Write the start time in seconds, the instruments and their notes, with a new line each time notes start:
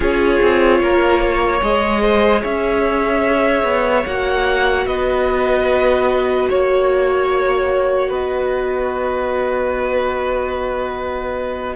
0.00 cello C#4, viola F4, violin G#4 C#5
0.42 cello C4
0.80 cello A#3, violin A#4
1.21 violin C#5
1.61 cello G#3, viola G#4, violin D#5
2.01 violin C5
2.41 cello C#4, violin C#5 E5
3.63 cello B3
4.06 cello A#3, viola F#4, violin F#5
4.85 cello B3, violin B4 D#5
6.49 cello A#3, violin C#5
8.09 cello B3, violin B4 D#5